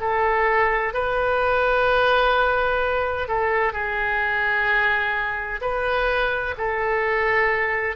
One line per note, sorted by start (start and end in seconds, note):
0.00 0.94 A4
0.94 3.28 B4
3.28 3.73 A4
3.73 5.60 G#4
5.61 6.55 B4
6.58 7.96 A4